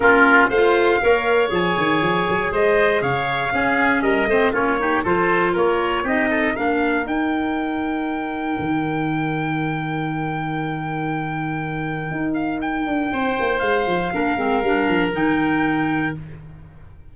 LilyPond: <<
  \new Staff \with { instrumentName = "trumpet" } { \time 4/4 \tempo 4 = 119 ais'4 f''2 gis''4~ | gis''4 dis''4 f''2 | dis''4 cis''4 c''4 cis''4 | dis''4 f''4 g''2~ |
g''1~ | g''1~ | g''8 f''8 g''2 f''4~ | f''2 g''2 | }
  \new Staff \with { instrumentName = "oboe" } { \time 4/4 f'4 c''4 cis''2~ | cis''4 c''4 cis''4 gis'4 | ais'8 c''8 f'8 g'8 a'4 ais'4 | g'8 a'8 ais'2.~ |
ais'1~ | ais'1~ | ais'2 c''2 | ais'1 | }
  \new Staff \with { instrumentName = "clarinet" } { \time 4/4 cis'4 f'4 ais'4 gis'4~ | gis'2. cis'4~ | cis'8 c'8 cis'8 dis'8 f'2 | dis'4 d'4 dis'2~ |
dis'1~ | dis'1~ | dis'1 | d'8 c'8 d'4 dis'2 | }
  \new Staff \with { instrumentName = "tuba" } { \time 4/4 ais4 a4 ais4 f8 dis8 | f8 fis8 gis4 cis4 cis'4 | g8 a8 ais4 f4 ais4 | c'4 ais4 dis'2~ |
dis'4 dis2.~ | dis1 | dis'4. d'8 c'8 ais8 gis8 f8 | ais8 gis8 g8 f8 dis2 | }
>>